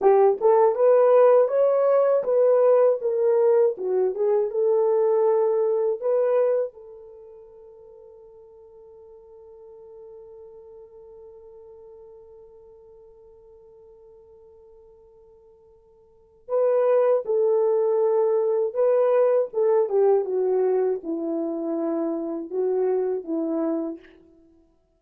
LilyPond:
\new Staff \with { instrumentName = "horn" } { \time 4/4 \tempo 4 = 80 g'8 a'8 b'4 cis''4 b'4 | ais'4 fis'8 gis'8 a'2 | b'4 a'2.~ | a'1~ |
a'1~ | a'2 b'4 a'4~ | a'4 b'4 a'8 g'8 fis'4 | e'2 fis'4 e'4 | }